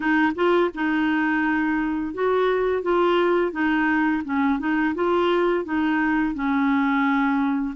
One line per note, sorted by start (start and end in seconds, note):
0.00 0.32 D#4
0.35 0.70 F4
0.74 2.14 D#4
2.14 2.82 F#4
2.82 3.52 F4
3.52 4.22 D#4
4.24 4.59 C#4
4.59 4.94 D#4
4.94 5.64 F4
5.64 6.34 D#4
6.34 7.75 C#4